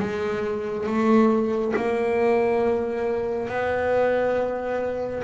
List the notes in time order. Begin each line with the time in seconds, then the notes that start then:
0.00 G#3
0.87 A3
1.76 A#3
3.49 B3